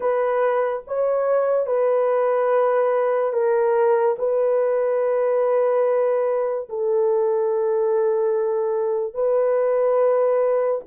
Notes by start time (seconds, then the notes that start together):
0.00 B4
0.87 C#5
1.66 B4
3.32 A#4
4.18 B4
6.69 A4
9.14 B4